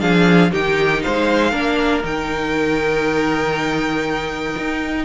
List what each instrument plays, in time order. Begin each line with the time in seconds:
0.00 cello F3, viola D4, violin G#4 F5
0.51 cello D#3, viola D#4, violin G4 G5
1.03 cello G#3, violin C5 F5
1.51 cello A#3, viola D4, violin A#4
2.02 cello D#3, viola D#4, violin G5
4.58 cello D#4